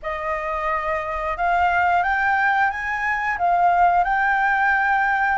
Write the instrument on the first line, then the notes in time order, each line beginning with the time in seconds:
flute
0.02 D#5
1.37 F5
2.03 G5
2.70 G#5
3.38 F5
4.04 G5